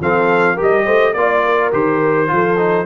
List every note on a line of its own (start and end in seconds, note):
0.00 0.57 F3
0.00 0.56 C4
0.00 0.54 A4
0.00 0.59 F5
0.54 1.13 G4
0.54 0.83 A#4
0.60 0.86 G3
0.60 1.13 D#5
0.85 1.14 A3
0.85 1.13 C5
1.13 1.71 A#3
1.13 1.72 F4
1.13 1.70 D5
1.13 1.44 D5
1.44 2.30 A#4
1.72 2.30 D#3
1.72 2.27 G4
1.72 2.86 C5
2.27 2.86 F3
2.27 2.56 F4
2.27 2.86 A4
2.57 2.86 D#4